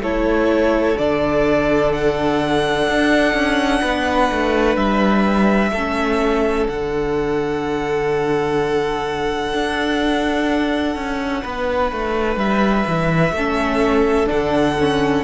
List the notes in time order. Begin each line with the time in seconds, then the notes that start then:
0.00 A3 E4 A4 C#5
0.97 D3 D4 D5
1.92 F#5
2.88 D4
3.34 C#4
3.82 B3 B4
4.32 A3
4.77 G3 E5
5.72 A3 C#4 A4
6.68 D3 D4 F#5
9.54 D4
10.96 C#4
11.42 B3 B4
11.92 A3
12.37 G3 E5
12.87 E3
13.32 A3 C#4 A4
14.27 D3 D4 F#5
14.80 C#4